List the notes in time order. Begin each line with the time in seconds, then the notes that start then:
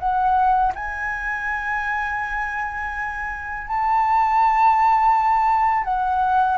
0.00 F#5
0.75 G#5
3.68 A5
5.85 F#5